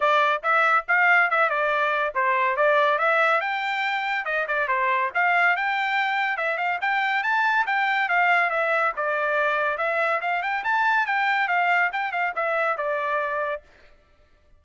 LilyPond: \new Staff \with { instrumentName = "trumpet" } { \time 4/4 \tempo 4 = 141 d''4 e''4 f''4 e''8 d''8~ | d''4 c''4 d''4 e''4 | g''2 dis''8 d''8 c''4 | f''4 g''2 e''8 f''8 |
g''4 a''4 g''4 f''4 | e''4 d''2 e''4 | f''8 g''8 a''4 g''4 f''4 | g''8 f''8 e''4 d''2 | }